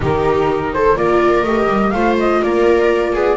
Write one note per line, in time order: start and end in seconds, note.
0.00 0.96 D#3
0.00 0.94 D#4
0.00 0.73 G4
0.00 0.73 A#4
0.73 0.97 A4
0.73 0.96 C5
0.96 1.43 A#3
0.96 1.44 F4
0.96 1.93 A#4
0.96 1.43 D5
1.43 1.67 A3
1.43 1.94 G4
1.43 1.90 D#5
1.67 1.92 G3
1.90 2.41 A3
1.90 3.37 F4
1.90 2.42 C5
1.90 2.15 F5
2.19 2.42 D#5
2.42 3.15 A#3
2.42 3.13 A#4
2.42 3.37 D5
3.13 3.37 B3
3.13 3.37 G#4